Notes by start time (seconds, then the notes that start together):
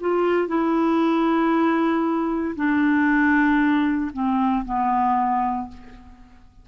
0.00 F4
0.47 E4
2.55 D4
4.13 C4
4.65 B3